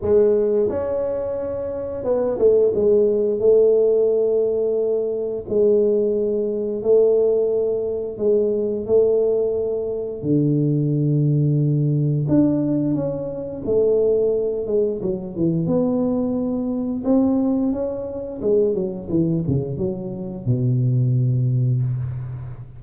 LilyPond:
\new Staff \with { instrumentName = "tuba" } { \time 4/4 \tempo 4 = 88 gis4 cis'2 b8 a8 | gis4 a2. | gis2 a2 | gis4 a2 d4~ |
d2 d'4 cis'4 | a4. gis8 fis8 e8 b4~ | b4 c'4 cis'4 gis8 fis8 | e8 cis8 fis4 b,2 | }